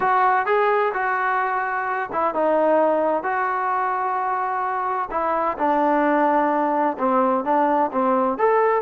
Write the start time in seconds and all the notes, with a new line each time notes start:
0.00 F#4
0.45 G#4
0.93 F#4
2.12 E4
2.34 D#4
3.23 F#4
5.10 E4
5.58 D4
6.98 C4
7.44 D4
7.92 C4
8.37 A4